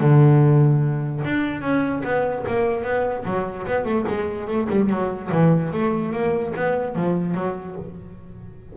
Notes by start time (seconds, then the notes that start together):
0.00 D3
1.24 D4
1.61 C#4
2.04 B3
2.47 A#3
2.83 B3
3.25 F#3
3.66 B3
3.85 A3
4.08 G#3
4.47 A3
4.69 G3
4.89 F#3
5.31 E3
5.72 A3
6.12 A#3
6.55 B3
6.95 F3
7.34 F#3